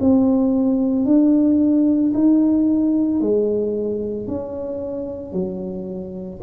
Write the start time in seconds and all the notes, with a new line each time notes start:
0.00 C4
1.05 D4
2.14 D#4
3.20 G#3
4.28 C#4
5.33 F#3